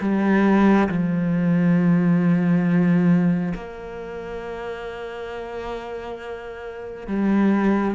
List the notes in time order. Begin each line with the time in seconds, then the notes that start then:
0.00 G3
0.89 F3
3.54 A#3
7.07 G3